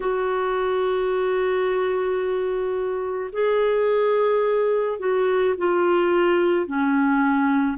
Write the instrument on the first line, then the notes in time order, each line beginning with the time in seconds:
clarinet
0.00 F#4
3.32 G#4
4.99 F#4
5.57 F4
6.66 C#4